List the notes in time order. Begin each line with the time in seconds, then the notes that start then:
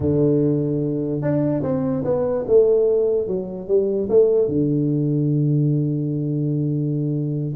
0.00 D3
1.21 D4
1.62 C4
2.04 B3
2.47 A3
3.27 F#3
3.67 G3
4.09 A3
4.48 D3